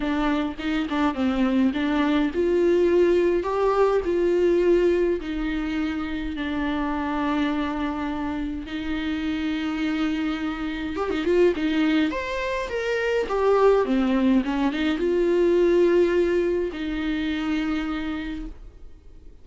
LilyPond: \new Staff \with { instrumentName = "viola" } { \time 4/4 \tempo 4 = 104 d'4 dis'8 d'8 c'4 d'4 | f'2 g'4 f'4~ | f'4 dis'2 d'4~ | d'2. dis'4~ |
dis'2. g'16 dis'16 f'8 | dis'4 c''4 ais'4 g'4 | c'4 cis'8 dis'8 f'2~ | f'4 dis'2. | }